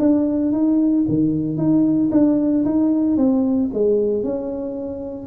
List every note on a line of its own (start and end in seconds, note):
0.00 0.52 D4
0.52 1.05 D#4
1.09 1.57 D#3
1.57 2.10 D#4
2.12 2.65 D4
2.65 3.18 D#4
3.18 3.71 C4
3.74 4.24 G#3
4.24 5.27 C#4